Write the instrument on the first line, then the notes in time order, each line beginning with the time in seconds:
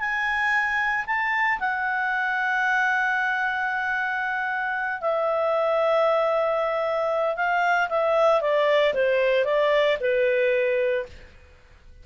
clarinet
0.00 G#5
1.07 A5
1.60 F#5
5.01 E5
7.36 F5
7.89 E5
8.41 D5
8.94 C5
9.45 D5
10.01 B4